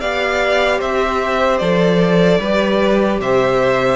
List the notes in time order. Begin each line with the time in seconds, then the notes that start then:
0.00 B3 G4 D5 F5
0.78 C4 C5 E5
1.58 F3 A4 D5
2.39 G3 G4 B4
3.19 C3 C5 E5